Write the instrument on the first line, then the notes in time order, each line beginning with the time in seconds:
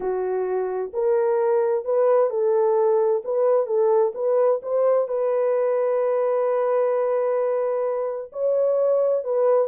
horn
0.00 F#4
0.93 A#4
1.84 B4
2.30 A4
3.24 B4
3.66 A4
4.14 B4
4.62 C5
5.08 B4
8.32 C#5
9.24 B4